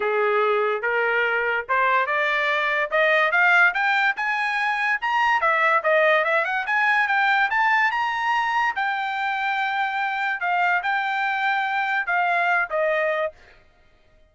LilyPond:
\new Staff \with { instrumentName = "trumpet" } { \time 4/4 \tempo 4 = 144 gis'2 ais'2 | c''4 d''2 dis''4 | f''4 g''4 gis''2 | ais''4 e''4 dis''4 e''8 fis''8 |
gis''4 g''4 a''4 ais''4~ | ais''4 g''2.~ | g''4 f''4 g''2~ | g''4 f''4. dis''4. | }